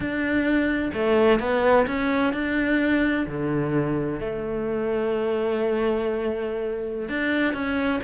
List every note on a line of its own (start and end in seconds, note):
0.00 0.91 D4
0.93 1.39 A3
1.39 1.86 B3
1.86 2.33 C#4
2.33 3.26 D4
3.27 4.19 D3
4.19 7.08 A3
7.08 7.53 D4
7.53 8.00 C#4